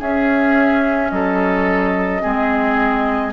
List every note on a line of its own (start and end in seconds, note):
0.00 1.11 C#4
0.00 2.22 C#4
0.00 1.11 G#4
0.00 1.11 E5
1.11 2.23 F#3
1.11 2.22 A4
1.11 3.33 D#5
2.22 3.34 G#3
2.22 3.33 C4
2.22 3.34 G#4